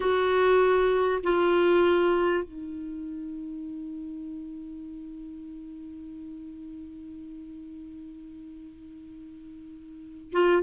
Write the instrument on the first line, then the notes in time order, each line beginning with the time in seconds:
clarinet
0.00 F#4
1.23 F4
2.44 D#4
10.32 F4